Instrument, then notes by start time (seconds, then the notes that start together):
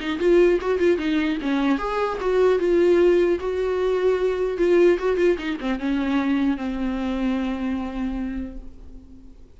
viola
0.00 D#4
0.19 F4
0.61 F#4
0.79 F4
0.97 D#4
1.41 C#4
1.78 G#4
2.20 F#4
2.59 F4
3.40 F#4
4.57 F4
4.98 F#4
5.17 F4
5.38 D#4
5.60 C4
5.79 C#4
6.57 C4